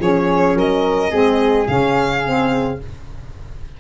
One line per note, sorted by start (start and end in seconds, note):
0.00 0.55 F3
0.00 1.11 C#4
0.00 0.57 G#4
0.00 0.58 C#5
0.55 1.11 F#3
0.55 1.11 A#4
0.55 1.67 D#5
1.11 1.68 G#3
1.11 1.67 C4
1.11 2.79 G#4
1.67 2.80 C#3
1.67 2.23 C#4
1.67 2.80 F5
2.24 2.80 C4